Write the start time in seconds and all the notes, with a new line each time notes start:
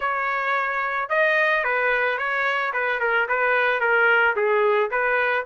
0.00 C#5
1.09 D#5
1.64 B4
2.18 C#5
2.73 B4
3.00 A#4
3.28 B4
3.80 A#4
4.35 G#4
4.90 B4